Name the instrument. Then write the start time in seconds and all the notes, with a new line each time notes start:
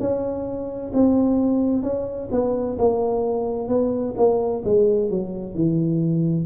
tuba
0.00 C#4
0.94 C4
1.83 C#4
2.32 B3
2.79 A#3
3.69 B3
4.17 A#3
4.65 G#3
5.11 F#3
5.55 E3